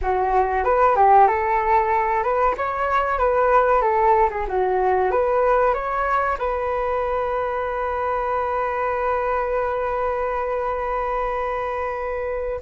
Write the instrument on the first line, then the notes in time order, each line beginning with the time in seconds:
flute
0.01 F#4
0.64 B4
0.95 G4
1.27 A4
2.23 B4
2.57 C#5
3.18 B4
3.82 A4
4.30 G#4
4.48 F#4
5.11 B4
5.73 C#5
6.38 B4